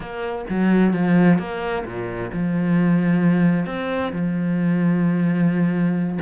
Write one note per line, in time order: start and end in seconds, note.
0.00 0.45 A#3
0.49 0.93 F#3
0.93 1.38 F3
1.38 1.84 A#3
1.85 2.31 A#2
2.32 3.66 F3
3.66 4.11 C4
4.12 6.18 F3